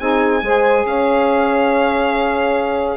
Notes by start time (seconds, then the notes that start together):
0.00 C4 D#4 G#4 G#5
0.42 G#3 G#4 C5
0.85 C#4 C#5 F5